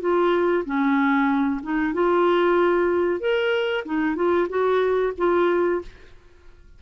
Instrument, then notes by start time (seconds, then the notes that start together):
clarinet
0.00 F4
0.65 C#4
1.62 D#4
1.93 F4
3.20 A#4
3.85 D#4
4.15 F4
4.49 F#4
5.17 F4